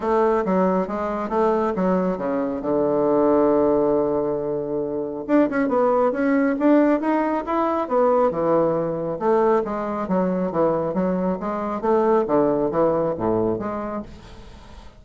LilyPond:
\new Staff \with { instrumentName = "bassoon" } { \time 4/4 \tempo 4 = 137 a4 fis4 gis4 a4 | fis4 cis4 d2~ | d1 | d'8 cis'8 b4 cis'4 d'4 |
dis'4 e'4 b4 e4~ | e4 a4 gis4 fis4 | e4 fis4 gis4 a4 | d4 e4 a,4 gis4 | }